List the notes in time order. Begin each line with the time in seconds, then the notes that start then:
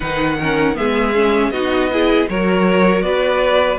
0.00 D#3 D#4 B4 F#5
0.37 C#4 A#4
0.74 G#3 B3 G#4 E5
1.14 C#4
1.50 B3 D#4 F#4 D#5
1.91 E4 G#4
2.28 F#3 F#4 A#4 C#5
3.02 B3 B4 D5